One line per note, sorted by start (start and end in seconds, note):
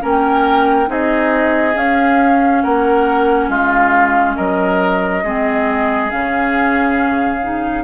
0.00 0.89 A#3
0.00 0.87 C#4
0.00 0.89 A#4
0.00 0.92 G5
0.87 1.76 C4
0.87 1.74 D#4
0.87 2.64 G#4
0.87 1.78 D#5
1.76 5.23 C#4
1.76 2.63 C#4
1.76 2.63 F5
2.63 3.49 A#3
2.63 3.50 A#4
2.63 3.50 F#5
3.49 4.36 G#3
3.49 4.37 F4
3.49 4.37 F5
4.37 5.24 F#3
4.37 5.24 A#4
4.37 6.11 D#5
5.24 6.11 G#3
5.24 6.10 C4
5.24 7.84 G#4
6.10 7.84 C#3
6.10 7.40 C#4
6.10 7.84 F5
7.43 7.84 D#4